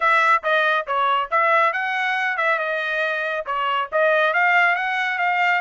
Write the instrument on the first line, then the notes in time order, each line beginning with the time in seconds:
trumpet
0.00 E5
0.43 D#5
0.86 C#5
1.30 E5
1.72 F#5
2.37 E5
2.58 D#5
3.45 C#5
3.92 D#5
4.33 F5
4.75 F#5
5.18 F5